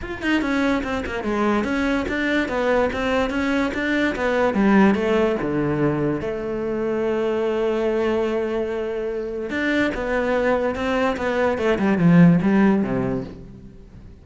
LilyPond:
\new Staff \with { instrumentName = "cello" } { \time 4/4 \tempo 4 = 145 f'8 dis'8 cis'4 c'8 ais8 gis4 | cis'4 d'4 b4 c'4 | cis'4 d'4 b4 g4 | a4 d2 a4~ |
a1~ | a2. d'4 | b2 c'4 b4 | a8 g8 f4 g4 c4 | }